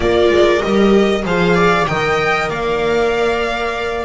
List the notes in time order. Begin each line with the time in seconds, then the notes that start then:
0.00 A#3 F4 A#4 D5
0.30 G#3
0.60 G3 G4 D#5
1.23 F3 G#4 C5 F5
1.55 D5
1.87 D#3 A#4 D#5 G5
2.49 A#3 D5 F5